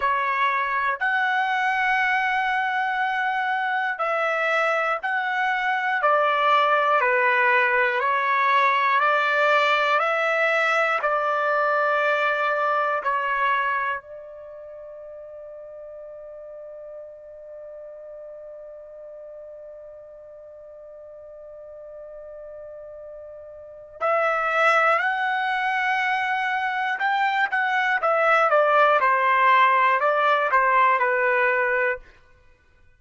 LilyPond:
\new Staff \with { instrumentName = "trumpet" } { \time 4/4 \tempo 4 = 60 cis''4 fis''2. | e''4 fis''4 d''4 b'4 | cis''4 d''4 e''4 d''4~ | d''4 cis''4 d''2~ |
d''1~ | d''1 | e''4 fis''2 g''8 fis''8 | e''8 d''8 c''4 d''8 c''8 b'4 | }